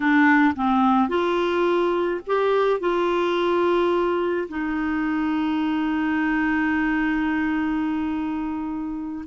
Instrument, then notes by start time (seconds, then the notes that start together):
clarinet
0.00 D4
0.55 C4
1.08 F4
2.27 G4
2.80 F4
4.48 D#4